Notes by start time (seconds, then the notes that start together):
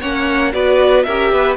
0.00 A#3 C#4 C#5 F#5
0.52 B3 F#4 B4 D5
1.03 C#4 G4 A#4 E5
1.32 B3 B4